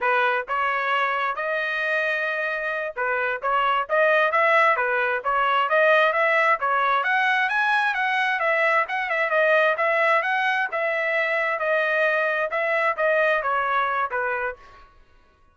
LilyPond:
\new Staff \with { instrumentName = "trumpet" } { \time 4/4 \tempo 4 = 132 b'4 cis''2 dis''4~ | dis''2~ dis''8 b'4 cis''8~ | cis''8 dis''4 e''4 b'4 cis''8~ | cis''8 dis''4 e''4 cis''4 fis''8~ |
fis''8 gis''4 fis''4 e''4 fis''8 | e''8 dis''4 e''4 fis''4 e''8~ | e''4. dis''2 e''8~ | e''8 dis''4 cis''4. b'4 | }